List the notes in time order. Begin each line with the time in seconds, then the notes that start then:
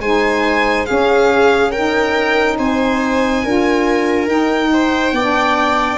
0.00 G#3 D#4 C5 G#5
0.86 C#4 G#4 F5
1.72 D#4 A#4 G5
2.59 C4 C5 G#5
3.44 D4 F4 A#4
4.27 D#4 G5
4.74 C5
5.13 B3 D5
5.20 D4